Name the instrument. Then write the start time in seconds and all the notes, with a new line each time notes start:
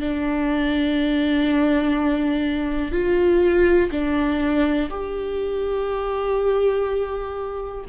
viola
0.00 D4
2.92 F4
3.91 D4
4.90 G4